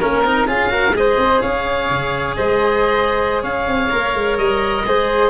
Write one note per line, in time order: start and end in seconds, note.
0.00 0.24 A#3
0.00 0.25 C#4
0.00 0.47 A#4
0.24 0.47 C4
0.24 0.48 D#4
0.47 0.91 C#4
0.47 0.70 F4
0.47 0.71 G#4
0.47 0.96 F5
0.70 0.93 F#4
0.70 0.96 A#4
0.91 1.15 G#3
0.91 3.90 G#4
0.91 1.41 D#5
0.99 1.42 C5
1.18 1.41 C4
1.41 1.90 C#4
1.41 2.37 C#5
1.41 2.36 F5
1.90 2.38 C#3
2.37 3.44 G#3
2.37 3.42 C5
2.37 3.43 D#5
3.42 3.67 C#4
3.42 4.84 C#5
3.42 4.38 F5
3.68 3.91 C4
3.90 4.14 A#3
3.90 4.85 A#4
4.14 4.38 G#3
4.38 4.85 G3
4.38 5.30 D#5
4.86 5.30 G#3
4.86 5.30 G#4
4.86 5.30 C5